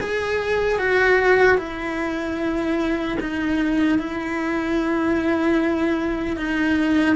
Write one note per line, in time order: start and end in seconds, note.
0.00 0.78 G#4
0.78 1.57 F#4
1.57 3.17 E4
3.20 3.98 D#4
3.98 6.36 E4
6.36 7.16 D#4